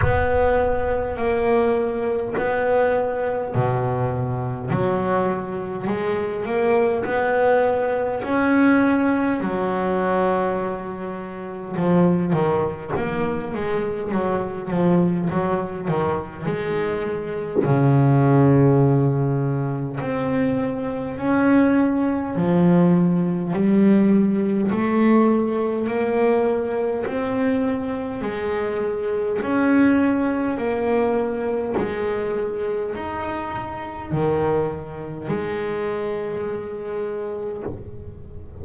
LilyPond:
\new Staff \with { instrumentName = "double bass" } { \time 4/4 \tempo 4 = 51 b4 ais4 b4 b,4 | fis4 gis8 ais8 b4 cis'4 | fis2 f8 dis8 ais8 gis8 | fis8 f8 fis8 dis8 gis4 cis4~ |
cis4 c'4 cis'4 f4 | g4 a4 ais4 c'4 | gis4 cis'4 ais4 gis4 | dis'4 dis4 gis2 | }